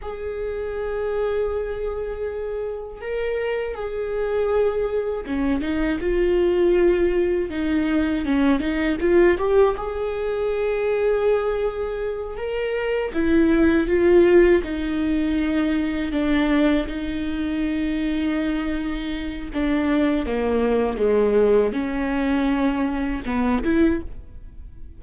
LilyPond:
\new Staff \with { instrumentName = "viola" } { \time 4/4 \tempo 4 = 80 gis'1 | ais'4 gis'2 cis'8 dis'8 | f'2 dis'4 cis'8 dis'8 | f'8 g'8 gis'2.~ |
gis'8 ais'4 e'4 f'4 dis'8~ | dis'4. d'4 dis'4.~ | dis'2 d'4 ais4 | gis4 cis'2 b8 e'8 | }